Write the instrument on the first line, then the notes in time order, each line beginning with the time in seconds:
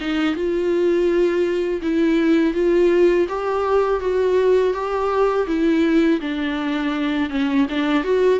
viola
0.00 D#4
0.35 F4
1.82 E4
2.53 F4
3.28 G4
4.00 F#4
4.73 G4
5.47 E4
6.20 D4
7.29 C#4
7.69 D4
8.04 F#4